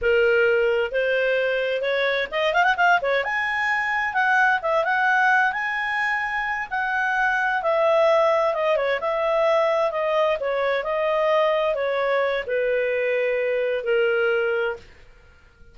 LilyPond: \new Staff \with { instrumentName = "clarinet" } { \time 4/4 \tempo 4 = 130 ais'2 c''2 | cis''4 dis''8 f''16 fis''16 f''8 cis''8 gis''4~ | gis''4 fis''4 e''8 fis''4. | gis''2~ gis''8 fis''4.~ |
fis''8 e''2 dis''8 cis''8 e''8~ | e''4. dis''4 cis''4 dis''8~ | dis''4. cis''4. b'4~ | b'2 ais'2 | }